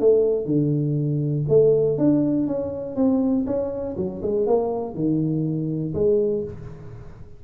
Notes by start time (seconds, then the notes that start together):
0.00 A3
0.46 D3
1.49 A3
1.98 D4
2.47 C#4
2.96 C4
3.47 C#4
3.97 F#3
4.23 G#3
4.47 A#3
4.95 D#3
5.95 G#3